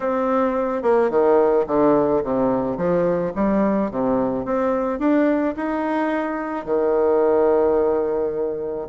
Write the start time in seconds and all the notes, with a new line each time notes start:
0.00 C4
0.82 A#3
1.10 D#3
1.66 D3
2.23 C3
2.77 F3
3.35 G3
3.90 C3
4.45 C4
4.99 D4
5.56 D#4
6.65 D#3